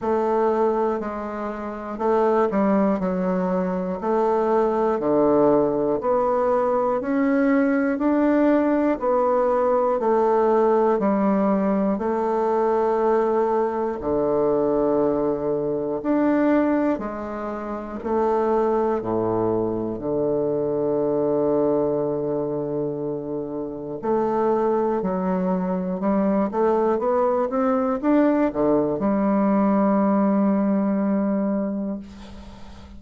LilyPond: \new Staff \with { instrumentName = "bassoon" } { \time 4/4 \tempo 4 = 60 a4 gis4 a8 g8 fis4 | a4 d4 b4 cis'4 | d'4 b4 a4 g4 | a2 d2 |
d'4 gis4 a4 a,4 | d1 | a4 fis4 g8 a8 b8 c'8 | d'8 d8 g2. | }